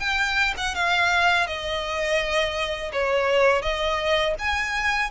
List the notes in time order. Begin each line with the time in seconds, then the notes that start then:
0.00 G5
0.58 F#5
0.75 F5
1.47 D#5
2.93 C#5
3.62 D#5
4.39 G#5